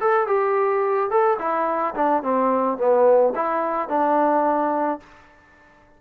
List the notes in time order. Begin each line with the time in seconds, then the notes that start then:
0.00 A4
0.27 G4
1.10 A4
1.39 E4
1.94 D4
2.22 C4
2.78 B3
3.35 E4
3.89 D4